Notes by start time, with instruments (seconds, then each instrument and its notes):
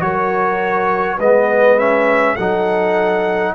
0.00 tuba F#3, trombone F#4, horn A#4, trumpet C#5
1.17 tuba G#3, trombone B3, horn B4, trumpet D#5
1.78 trombone C#4, trumpet E5
2.34 tuba F#3, trombone D#4, horn A4, trumpet F#5